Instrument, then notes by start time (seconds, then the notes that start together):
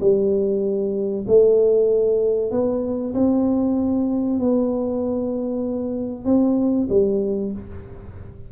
tuba
0.00 G3
1.27 A3
2.51 B3
3.14 C4
4.39 B3
6.24 C4
6.89 G3